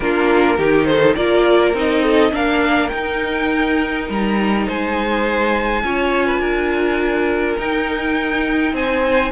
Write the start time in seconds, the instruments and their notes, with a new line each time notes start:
0.00 cello A#3, viola D4, violin F4 A#4
0.57 cello D#3, viola D#4, violin G4
0.85 violin A4 C5
1.15 cello A#3, viola F4, violin A#4 D5
1.73 cello C4, viola D#4, violin D#5
2.02 violin A4
2.31 cello A#3, viola D4, violin A#4 F5
2.89 viola D#4, cello D#4, violin G5
4.09 cello G3, violin A#5
4.66 cello G#3, violin C5 G#5
5.83 cello C#4, viola F4, violin C#5
6.26 violin B4
6.39 cello D4, violin A#4
7.57 viola D#4, cello D#4, violin G5
8.72 cello C4, violin C5 G#5